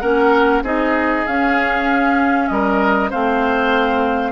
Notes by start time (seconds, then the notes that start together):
0.00 A#3 C#4 A#4 F#5
0.62 C4 D#4 G#4 D#5
1.26 C#4 F5
2.48 G3 A#4 D#5
3.10 A3 C4 C5 F5